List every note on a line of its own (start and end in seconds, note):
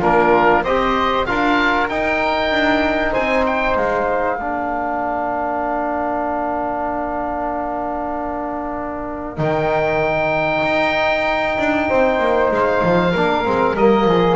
0.00 0.64 A#3
0.00 0.64 D4
0.00 0.62 F4
0.00 0.64 A#4
0.64 1.26 C4
0.64 1.27 G4
0.64 1.27 C5
0.64 1.26 D#5
1.26 1.90 D4
1.26 1.90 F4
1.26 3.12 A#4
1.26 1.88 F5
1.89 4.40 D#4
1.89 2.51 D#4
1.89 3.14 G5
2.51 3.14 D4
3.12 3.76 C4
3.12 4.37 C5
3.12 3.45 G#5
3.46 3.77 G5
3.76 4.39 G#3
3.76 9.39 F5
4.37 9.38 A#3
4.37 9.37 D4
4.37 11.87 A#4
9.37 10.63 D#3
9.37 13.12 D#4
9.37 12.51 G5
10.63 11.57 D#4
11.58 11.89 D4
11.89 12.20 C4
11.89 13.12 C5
12.20 12.51 A#3
12.51 12.82 G#3
12.51 13.77 F5
12.83 13.14 F3
13.12 13.46 A#3
13.12 13.45 D4
13.12 14.06 A#4
13.45 13.76 G#3
13.45 13.76 C4
13.76 14.05 G3
13.76 14.36 A#3
13.76 14.36 D#5
14.05 14.36 F3
14.05 14.36 G#4